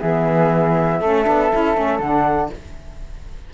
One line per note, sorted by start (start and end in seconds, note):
0.00 1.01 E3
0.00 1.02 B3
0.00 1.01 G#4
0.00 1.99 E5
1.01 1.26 A3
1.01 1.24 C#4
1.01 2.52 A4
1.24 1.53 B3
1.24 1.49 D4
1.52 1.77 C#4
1.52 1.75 E4
1.75 1.99 A3
1.75 2.00 C#4
1.99 2.49 D3
1.99 2.54 D4
1.99 2.50 F#5